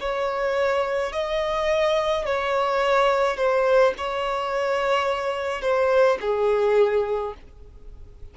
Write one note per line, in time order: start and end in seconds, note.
0.00 1.13 C#5
1.13 2.26 D#5
2.26 3.37 C#5
3.37 3.94 C5
3.98 5.62 C#5
5.62 6.19 C5
6.21 7.34 G#4